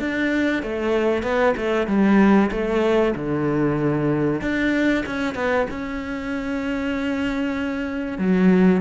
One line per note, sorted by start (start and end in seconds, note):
0.00 0.63 D4
0.63 1.23 A3
1.23 1.55 B3
1.57 1.87 A3
1.87 2.51 G3
2.52 3.15 A3
3.16 4.42 D3
4.42 5.05 D4
5.06 5.35 C#4
5.35 5.67 B3
5.71 8.18 C#4
8.18 8.82 F#3